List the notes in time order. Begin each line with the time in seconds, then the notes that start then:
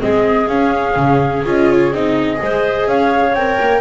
0.00 G#3 C4 G#4 D#5
0.48 C#4 F5
0.96 C#3
1.46 C#4 F4 D#5
1.71 C#5
1.92 C4 D#4 D#5
2.37 G#3 G#4 C5
2.87 C#4 C#5 F5
3.34 C4 A#4 G5
3.61 A#3